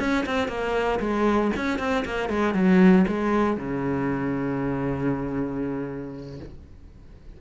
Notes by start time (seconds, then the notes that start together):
0.00 C#4
0.26 C4
0.48 A#3
1.00 G#3
1.57 C#4
1.79 C4
2.06 A#3
2.30 G#3
2.54 F#3
3.08 G#3
3.58 C#3